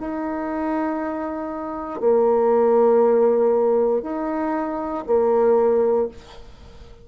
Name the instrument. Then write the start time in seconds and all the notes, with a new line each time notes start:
bassoon
0.00 D#4
2.01 A#3
4.03 D#4
5.07 A#3